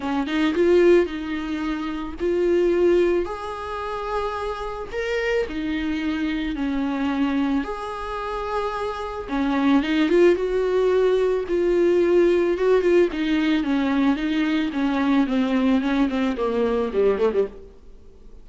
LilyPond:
\new Staff \with { instrumentName = "viola" } { \time 4/4 \tempo 4 = 110 cis'8 dis'8 f'4 dis'2 | f'2 gis'2~ | gis'4 ais'4 dis'2 | cis'2 gis'2~ |
gis'4 cis'4 dis'8 f'8 fis'4~ | fis'4 f'2 fis'8 f'8 | dis'4 cis'4 dis'4 cis'4 | c'4 cis'8 c'8 ais4 g8 a16 g16 | }